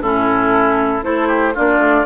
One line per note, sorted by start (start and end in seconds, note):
0.00 1.03 A2
0.00 1.02 C#4
0.00 1.05 E4
0.00 1.04 A4
1.02 1.54 A3
1.02 1.54 E4
1.02 1.28 A4
1.02 1.55 C5
1.28 1.53 G4
1.54 1.78 A#3
1.54 2.05 D4
1.54 2.05 F4
1.54 2.05 D5
1.78 2.04 A3